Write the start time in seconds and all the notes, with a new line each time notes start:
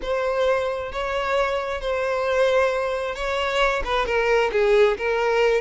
0.02 C5
0.92 C#5
1.80 C5
3.15 C#5
3.84 B4
4.05 A#4
4.52 G#4
4.97 A#4